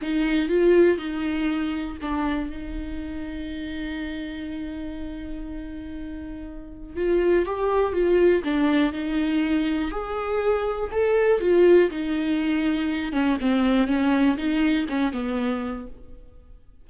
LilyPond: \new Staff \with { instrumentName = "viola" } { \time 4/4 \tempo 4 = 121 dis'4 f'4 dis'2 | d'4 dis'2.~ | dis'1~ | dis'2 f'4 g'4 |
f'4 d'4 dis'2 | gis'2 a'4 f'4 | dis'2~ dis'8 cis'8 c'4 | cis'4 dis'4 cis'8 b4. | }